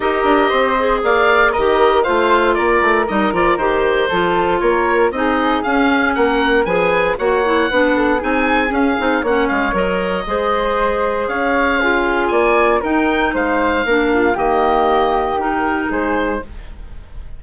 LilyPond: <<
  \new Staff \with { instrumentName = "oboe" } { \time 4/4 \tempo 4 = 117 dis''2 f''4 dis''4 | f''4 d''4 dis''8 d''8 c''4~ | c''4 cis''4 dis''4 f''4 | fis''4 gis''4 fis''2 |
gis''4 f''4 fis''8 f''8 dis''4~ | dis''2 f''2 | gis''4 g''4 f''2 | dis''2 ais'4 c''4 | }
  \new Staff \with { instrumentName = "flute" } { \time 4/4 ais'4 c''4 d''4 ais'4 | c''4 ais'2. | a'4 ais'4 gis'2 | ais'4 b'4 cis''4 b'8 a'8 |
gis'2 cis''2 | c''2 cis''4 gis'4 | d''4 ais'4 c''4 ais'8 f'8 | g'2. gis'4 | }
  \new Staff \with { instrumentName = "clarinet" } { \time 4/4 g'4. gis'4. g'4 | f'2 dis'8 f'8 g'4 | f'2 dis'4 cis'4~ | cis'4 gis'4 fis'8 e'8 d'4 |
dis'4 cis'8 dis'8 cis'4 ais'4 | gis'2. f'4~ | f'4 dis'2 d'4 | ais2 dis'2 | }
  \new Staff \with { instrumentName = "bassoon" } { \time 4/4 dis'8 d'8 c'4 ais4 dis4 | a4 ais8 a8 g8 f8 dis4 | f4 ais4 c'4 cis'4 | ais4 f4 ais4 b4 |
c'4 cis'8 c'8 ais8 gis8 fis4 | gis2 cis'2 | ais4 dis'4 gis4 ais4 | dis2. gis4 | }
>>